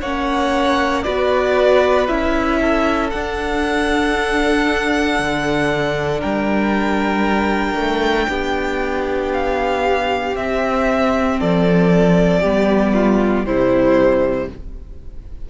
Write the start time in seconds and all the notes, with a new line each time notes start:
0.00 A#3 C#4 C#5 F#5
1.03 B3 F#4 B4 D5
2.07 C#4 E4 E5
2.61 A4
3.10 D4 F#5
5.19 D3
6.19 G3 A#4 G5
7.75 A3
8.28 B3 G4
9.33 F5
10.35 C4 E5
11.39 F3 A4 D5
12.40 G3 B3 G4
12.93 F4
13.44 C3 G3 E4 C5